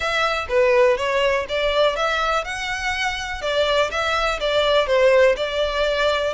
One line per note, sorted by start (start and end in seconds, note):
0.00 0.46 E5
0.49 0.97 B4
0.97 1.45 C#5
1.48 1.96 D5
1.96 2.44 E5
2.44 3.41 F#5
3.41 3.90 D5
3.90 4.39 E5
4.39 4.86 D5
4.86 5.35 C5
5.36 6.33 D5